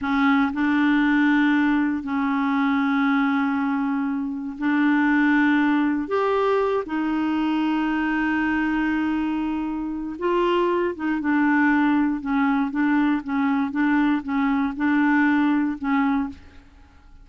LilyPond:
\new Staff \with { instrumentName = "clarinet" } { \time 4/4 \tempo 4 = 118 cis'4 d'2. | cis'1~ | cis'4 d'2. | g'4. dis'2~ dis'8~ |
dis'1 | f'4. dis'8 d'2 | cis'4 d'4 cis'4 d'4 | cis'4 d'2 cis'4 | }